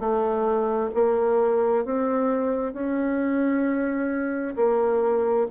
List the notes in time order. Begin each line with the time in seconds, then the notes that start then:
0.00 A3
0.95 A#3
1.85 C4
2.74 C#4
4.56 A#3